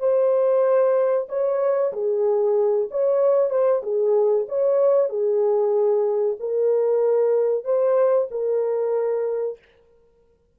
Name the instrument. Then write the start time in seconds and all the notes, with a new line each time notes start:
horn
0.00 C5
1.29 C#5
1.94 G#4
2.91 C#5
3.51 C5
3.83 G#4
4.49 C#5
5.09 G#4
6.40 A#4
7.65 C5
8.32 A#4